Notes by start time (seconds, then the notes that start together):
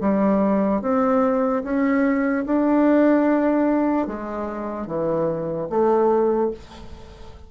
0.00 G3
0.81 C4
1.63 C#4
2.46 D4
4.07 G#3
4.86 E3
5.69 A3